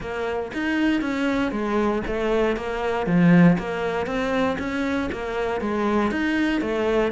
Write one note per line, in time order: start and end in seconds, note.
0.00 0.51 A#3
0.53 1.01 D#4
1.01 1.51 C#4
1.51 2.02 G#3
2.06 2.56 A3
2.56 3.06 A#3
3.06 3.57 F3
3.58 4.06 A#3
4.06 4.57 C4
4.59 5.09 C#4
5.11 5.60 A#3
5.60 6.11 G#3
6.11 6.61 D#4
6.61 7.11 A3